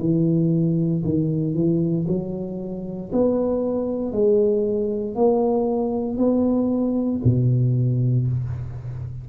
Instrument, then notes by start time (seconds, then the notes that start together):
tuba
0.00 E3
1.05 D#3
1.55 E3
2.08 F#3
3.13 B3
4.12 G#3
5.15 A#3
6.17 B3
7.24 B2